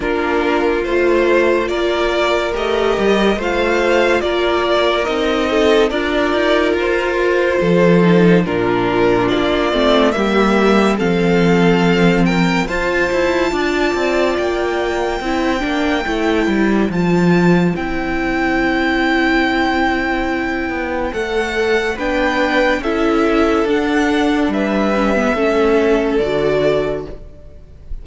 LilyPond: <<
  \new Staff \with { instrumentName = "violin" } { \time 4/4 \tempo 4 = 71 ais'4 c''4 d''4 dis''4 | f''4 d''4 dis''4 d''4 | c''2 ais'4 d''4 | e''4 f''4. g''8 a''4~ |
a''4 g''2. | a''4 g''2.~ | g''4 fis''4 g''4 e''4 | fis''4 e''2 d''4 | }
  \new Staff \with { instrumentName = "violin" } { \time 4/4 f'2 ais'2 | c''4 ais'4. a'8 ais'4~ | ais'4 a'4 f'2 | g'4 a'4. ais'8 c''4 |
d''2 c''2~ | c''1~ | c''2 b'4 a'4~ | a'4 b'4 a'2 | }
  \new Staff \with { instrumentName = "viola" } { \time 4/4 d'4 f'2 g'4 | f'2 dis'4 f'4~ | f'4. dis'8 d'4. c'8 | ais4 c'2 f'4~ |
f'2 e'8 d'8 e'4 | f'4 e'2.~ | e'4 a'4 d'4 e'4 | d'4. cis'16 b16 cis'4 fis'4 | }
  \new Staff \with { instrumentName = "cello" } { \time 4/4 ais4 a4 ais4 a8 g8 | a4 ais4 c'4 d'8 dis'8 | f'4 f4 ais,4 ais8 a8 | g4 f2 f'8 e'8 |
d'8 c'8 ais4 c'8 ais8 a8 g8 | f4 c'2.~ | c'8 b8 a4 b4 cis'4 | d'4 g4 a4 d4 | }
>>